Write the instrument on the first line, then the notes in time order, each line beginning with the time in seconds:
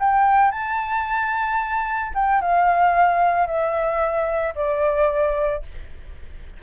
flute
0.00 G5
0.52 A5
2.15 G5
2.42 F5
3.47 E5
4.56 D5